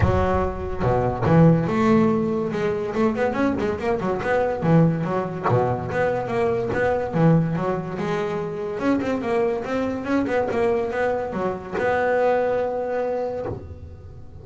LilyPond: \new Staff \with { instrumentName = "double bass" } { \time 4/4 \tempo 4 = 143 fis2 b,4 e4 | a2 gis4 a8 b8 | cis'8 gis8 ais8 fis8 b4 e4 | fis4 b,4 b4 ais4 |
b4 e4 fis4 gis4~ | gis4 cis'8 c'8 ais4 c'4 | cis'8 b8 ais4 b4 fis4 | b1 | }